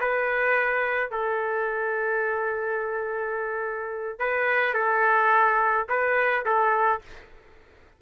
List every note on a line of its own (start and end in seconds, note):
0.00 1.10 B4
1.10 4.19 A4
4.19 4.74 B4
4.74 5.86 A4
5.89 6.45 B4
6.45 7.01 A4